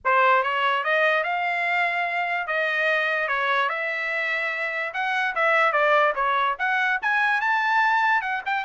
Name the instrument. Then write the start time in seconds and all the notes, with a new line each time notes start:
trumpet
0.04 C5
0.43 C#5
0.83 D#5
1.23 F5
2.47 D#5
3.28 C#5
3.69 E5
4.93 F#5
5.35 E5
5.72 D5
6.15 C#5
6.58 F#5
7.02 G#5
7.40 A5
8.21 F#5
8.45 G5